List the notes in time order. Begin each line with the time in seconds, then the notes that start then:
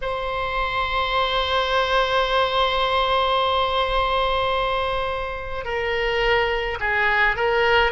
0.01 C5
5.64 A#4
6.80 G#4
7.36 A#4